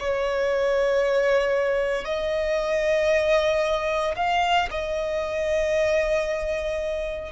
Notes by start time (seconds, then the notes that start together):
0.00 C#5
2.05 D#5
4.16 F5
4.71 D#5